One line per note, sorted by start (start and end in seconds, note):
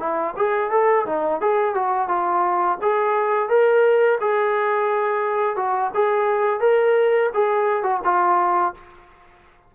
0.00 0.35 E4
0.37 0.71 G#4
0.71 1.06 A4
1.07 1.41 D#4
1.42 1.75 G#4
1.75 2.09 F#4
2.09 2.78 F4
2.83 3.49 G#4
3.49 4.19 A#4
4.21 5.57 G#4
5.57 5.91 F#4
5.95 6.61 G#4
6.61 7.30 A#4
7.34 7.83 G#4
7.83 8.01 F#4
8.05 8.74 F4